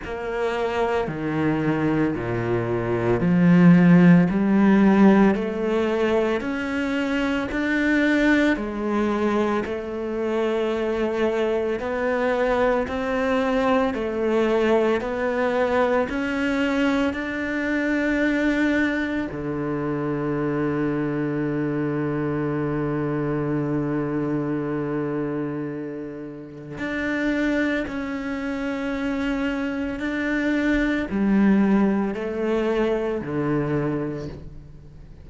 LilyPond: \new Staff \with { instrumentName = "cello" } { \time 4/4 \tempo 4 = 56 ais4 dis4 ais,4 f4 | g4 a4 cis'4 d'4 | gis4 a2 b4 | c'4 a4 b4 cis'4 |
d'2 d2~ | d1~ | d4 d'4 cis'2 | d'4 g4 a4 d4 | }